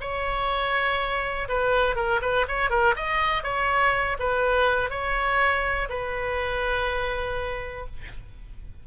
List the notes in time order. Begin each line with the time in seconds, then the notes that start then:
0.00 C#5
1.48 B4
1.95 A#4
2.21 B4
2.47 C#5
2.70 A#4
2.96 D#5
3.43 C#5
4.19 B4
4.90 C#5
5.89 B4